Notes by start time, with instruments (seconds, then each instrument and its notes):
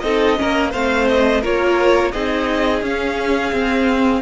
0.00 cello C4, viola D#4, violin A4 D#5
0.37 cello A#3, viola C#4, violin A#4
0.71 cello A3, viola C4, violin C5 F5
1.09 violin D#5
1.41 cello A#3, viola F4, violin A#4 C#5
2.12 cello C4, viola D#4, violin G#4 D#5
2.82 cello C#4, viola C#4, violin F5
3.52 cello C4, viola C4